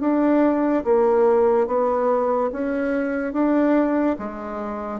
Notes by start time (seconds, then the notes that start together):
0.00 D4
0.84 A#3
1.67 B3
2.52 C#4
3.33 D4
4.18 G#3